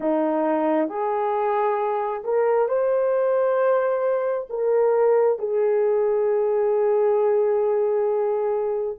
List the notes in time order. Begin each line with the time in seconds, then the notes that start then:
0.00 D#4
0.88 G#4
2.23 A#4
2.68 C5
4.49 A#4
5.39 G#4